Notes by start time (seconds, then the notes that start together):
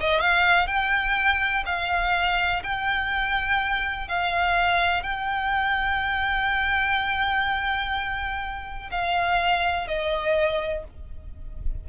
0.00 D#5
0.20 F5
0.67 G5
1.66 F5
2.63 G5
4.08 F5
5.03 G5
8.91 F5
9.87 D#5